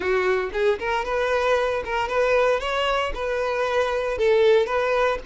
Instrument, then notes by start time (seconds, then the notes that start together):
violin
0.00 F#4
0.52 G#4
0.79 A#4
1.04 B4
1.85 A#4
2.08 B4
2.60 C#5
3.14 B4
4.17 A4
4.66 B4